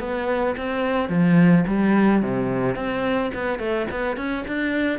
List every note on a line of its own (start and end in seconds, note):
0.00 0.56 B3
0.57 1.09 C4
1.09 1.65 F3
1.67 2.22 G3
2.22 2.76 C3
2.76 3.31 C4
3.34 3.59 B3
3.59 3.87 A3
3.91 4.16 B3
4.16 4.44 C#4
4.47 4.99 D4